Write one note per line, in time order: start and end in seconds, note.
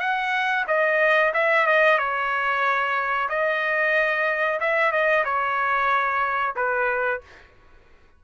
0.00 0.65 F#5
0.68 1.33 D#5
1.34 1.67 E5
1.67 1.98 D#5
1.98 3.29 C#5
3.29 4.60 D#5
4.61 4.92 E5
4.92 5.25 D#5
5.25 6.55 C#5
6.56 7.22 B4